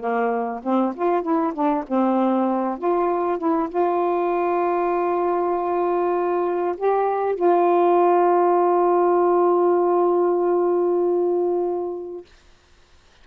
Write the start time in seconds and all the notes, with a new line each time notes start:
0.00 A#3
0.63 C4
0.96 F4
1.23 E4
1.54 D4
1.88 C4
2.79 F4
3.39 E4
3.70 F4
6.77 G4
7.36 F4